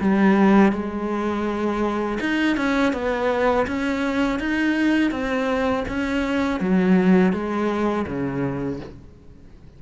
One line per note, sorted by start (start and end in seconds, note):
0.00 0.72 G3
0.72 2.19 G#3
2.20 2.56 D#4
2.56 2.93 C#4
2.93 3.66 B3
3.67 4.39 C#4
4.39 5.11 D#4
5.11 5.84 C4
5.88 6.60 C#4
6.60 7.32 F#3
7.32 8.06 G#3
8.06 8.79 C#3